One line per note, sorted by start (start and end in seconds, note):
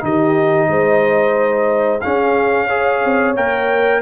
0.00 0.69 D#3
0.00 2.00 D#4
0.00 0.69 G4
0.00 2.01 D#5
0.69 2.02 G#3
0.69 2.02 C5
2.01 2.69 C#4
2.01 3.04 C#4
2.01 2.67 G#4
2.01 3.34 F5
2.67 3.36 G#4
2.67 4.01 C#5
3.04 3.37 C4
3.36 4.02 A#3
3.36 4.02 A#4
3.36 4.02 G5